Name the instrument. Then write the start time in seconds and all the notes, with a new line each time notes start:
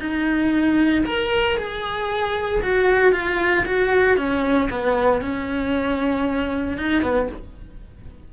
cello
0.00 D#4
1.06 A#4
1.57 G#4
2.62 F#4
3.12 F4
3.66 F#4
4.17 C#4
4.70 B3
5.22 C#4
6.78 D#4
7.02 B3